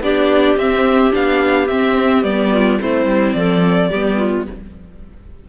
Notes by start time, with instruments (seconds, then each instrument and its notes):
0.00 cello B3, viola D4, clarinet G4, violin D5
0.56 cello C4, viola C4, violin E5
1.11 cello B3, viola D4, violin F5
1.67 cello C4, viola C4, violin E5
2.23 cello G3, viola B3, violin D5
2.51 clarinet F4
2.79 cello A3, viola C4, clarinet E4, violin C5
3.05 cello G3
3.32 cello F3, clarinet A4, violin D5
3.89 cello G3, viola B3, clarinet G4
4.16 clarinet F4